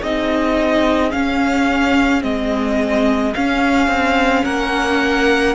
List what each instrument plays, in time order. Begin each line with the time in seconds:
0.00 cello C4, viola D#4, violin G#4 D#5
1.11 viola C#4, cello C#4, violin F5
2.21 cello G#3, viola C4, violin D#5
3.34 viola C#4, cello C#4, violin F5
3.87 cello C4
4.45 cello A#3, violin A#4 F#5